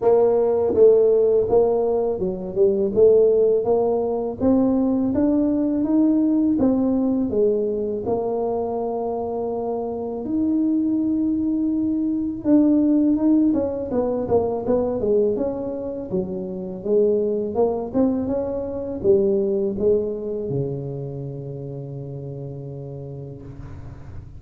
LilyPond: \new Staff \with { instrumentName = "tuba" } { \time 4/4 \tempo 4 = 82 ais4 a4 ais4 fis8 g8 | a4 ais4 c'4 d'4 | dis'4 c'4 gis4 ais4~ | ais2 dis'2~ |
dis'4 d'4 dis'8 cis'8 b8 ais8 | b8 gis8 cis'4 fis4 gis4 | ais8 c'8 cis'4 g4 gis4 | cis1 | }